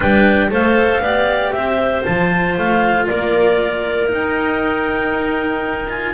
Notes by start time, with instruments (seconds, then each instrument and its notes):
0.00 double bass G3, cello D4, clarinet B4 G5
0.50 double bass A3, cello A4, clarinet C5 F5
1.00 double bass B3, cello G4, clarinet D5
1.52 double bass C4, clarinet C5 E5
2.03 double bass F3, cello F4, clarinet A5
2.57 double bass A3, clarinet F5
3.06 double bass A#3, clarinet A#4 D5
4.07 cello D#4, double bass D#4, clarinet G5
5.88 cello F4, clarinet G#5